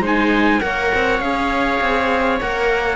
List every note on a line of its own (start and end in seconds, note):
0.00 0.59 G#3
0.00 0.60 D#4
0.00 0.61 C5
0.06 0.61 G#5
0.60 0.92 A#3
0.60 1.20 A#4
0.60 2.96 C#5
0.60 1.20 F#5
0.94 1.20 C4
1.20 1.79 C#4
1.20 2.41 G#4
1.20 2.39 F5
1.81 2.40 C4
2.41 2.96 A#3
2.41 2.96 A#4
2.41 2.96 F#5